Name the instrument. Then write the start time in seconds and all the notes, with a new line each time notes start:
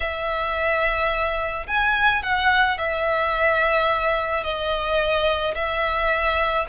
violin
0.00 E5
1.67 G#5
2.22 F#5
2.78 E5
4.43 D#5
5.54 E5